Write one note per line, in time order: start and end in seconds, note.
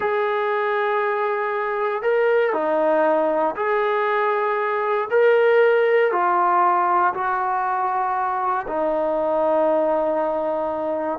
0.00 2.02 G#4
2.02 2.53 A#4
2.53 3.55 D#4
3.56 5.08 G#4
5.10 6.12 A#4
6.12 7.13 F4
7.13 8.66 F#4
8.67 11.19 D#4